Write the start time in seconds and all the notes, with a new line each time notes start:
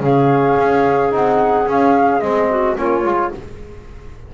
0.00 C#3 C#4 G#4 F5
0.59 C#4
1.11 C4 D#4 F#5
1.66 C#4 F5
2.21 G#3 C4 D#5
2.50 F#4
2.76 A#3 C#4 F4 C#5
3.04 G#3 F4